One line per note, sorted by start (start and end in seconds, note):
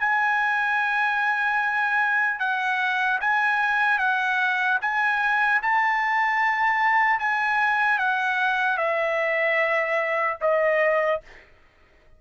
0.00 2.40 G#5
2.40 3.20 F#5
3.21 3.99 G#5
3.99 4.79 F#5
4.81 5.61 G#5
5.63 7.20 A5
7.20 7.99 G#5
7.99 8.78 F#5
8.78 10.38 E5
10.41 11.21 D#5